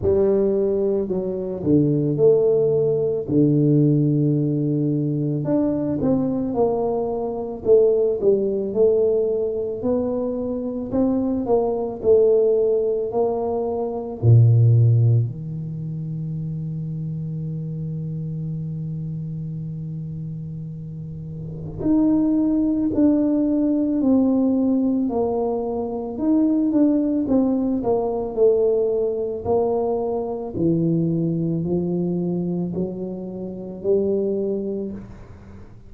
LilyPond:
\new Staff \with { instrumentName = "tuba" } { \time 4/4 \tempo 4 = 55 g4 fis8 d8 a4 d4~ | d4 d'8 c'8 ais4 a8 g8 | a4 b4 c'8 ais8 a4 | ais4 ais,4 dis2~ |
dis1 | dis'4 d'4 c'4 ais4 | dis'8 d'8 c'8 ais8 a4 ais4 | e4 f4 fis4 g4 | }